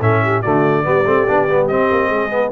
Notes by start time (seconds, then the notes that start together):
0.00 A2 C#4 A4 E5
0.23 G4
0.41 D3 A3 F#4 D5
0.83 G3 B3 G4
1.05 A3 C4
1.27 B3 D4
1.48 G3 B3
1.67 C4 D#5
1.91 A#3
2.09 G#3 G#4
2.29 B3